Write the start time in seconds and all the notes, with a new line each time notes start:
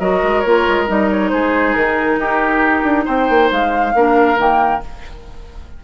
0.00 F#3 F#4 A#4 D#5
0.23 G#3
0.40 A#3 F4 C#5
0.68 G#3
0.87 G3 D#4 D#5
1.11 C#5
1.29 G#3 G#4 C5
1.74 D#3 A#4
2.18 D#4 G4
2.83 D4
3.05 C4 C5 G5
3.29 A#3
3.51 G#3 F5
3.94 A#3 D4 A#4
4.37 D#3 A#3 G5